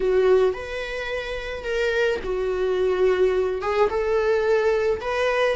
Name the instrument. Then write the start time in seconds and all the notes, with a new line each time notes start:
viola
0.00 F#4
0.53 B4
1.64 A#4
2.23 F#4
3.61 G#4
3.89 A4
5.00 B4